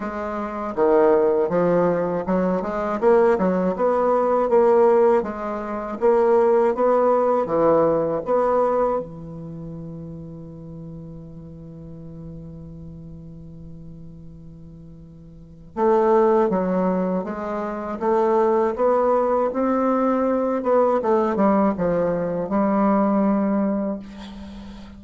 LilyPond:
\new Staff \with { instrumentName = "bassoon" } { \time 4/4 \tempo 4 = 80 gis4 dis4 f4 fis8 gis8 | ais8 fis8 b4 ais4 gis4 | ais4 b4 e4 b4 | e1~ |
e1~ | e4 a4 fis4 gis4 | a4 b4 c'4. b8 | a8 g8 f4 g2 | }